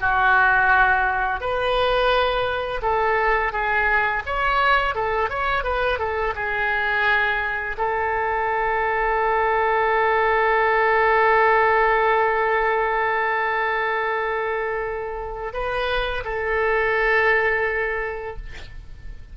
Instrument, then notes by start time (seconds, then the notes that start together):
oboe
0.00 F#4
1.40 B4
2.82 A4
3.52 G#4
4.26 C#5
4.94 A4
5.29 C#5
5.63 B4
5.98 A4
6.35 G#4
7.77 A4
15.53 B4
16.24 A4